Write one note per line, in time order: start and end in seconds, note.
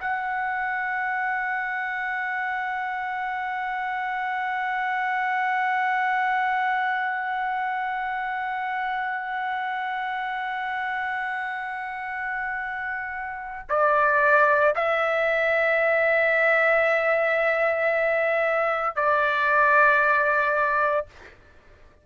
0.00 13.68 F#5
13.69 14.75 D5
14.75 18.96 E5
18.96 21.06 D5